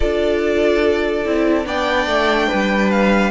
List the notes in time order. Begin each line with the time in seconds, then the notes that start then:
0.00 D4 F4 A4 D5
1.25 C4 E4
1.65 B3 D4 D5 G5
2.06 A3
2.47 G3 B4
2.90 F5